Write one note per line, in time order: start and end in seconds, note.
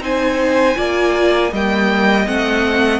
0.00 0.75 C4
0.00 0.75 D#4
0.00 0.77 C5
0.00 1.53 G#5
0.75 1.52 A#3
0.75 1.50 F4
0.75 1.52 D5
1.52 2.27 G3
1.52 2.26 A#3
1.52 3.00 D#5
1.52 2.27 G5
2.26 3.00 A3
2.26 3.00 C4
2.26 3.00 F#5